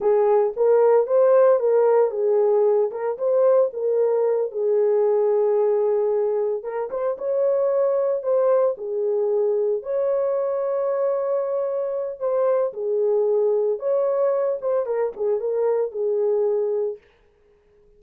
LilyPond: \new Staff \with { instrumentName = "horn" } { \time 4/4 \tempo 4 = 113 gis'4 ais'4 c''4 ais'4 | gis'4. ais'8 c''4 ais'4~ | ais'8 gis'2.~ gis'8~ | gis'8 ais'8 c''8 cis''2 c''8~ |
c''8 gis'2 cis''4.~ | cis''2. c''4 | gis'2 cis''4. c''8 | ais'8 gis'8 ais'4 gis'2 | }